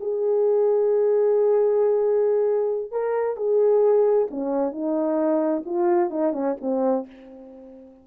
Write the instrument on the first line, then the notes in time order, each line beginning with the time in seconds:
horn
0.00 G#4
2.91 A#4
3.37 G#4
4.30 C#4
4.72 D#4
5.65 F4
6.10 D#4
6.32 C#4
6.61 C4